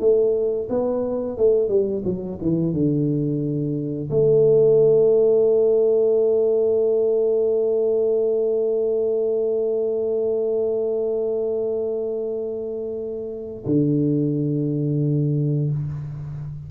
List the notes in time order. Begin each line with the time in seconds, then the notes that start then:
0.00 A3
0.69 B3
1.38 A3
1.69 G3
2.05 F#3
2.41 E3
2.73 D3
4.10 A3
13.66 D3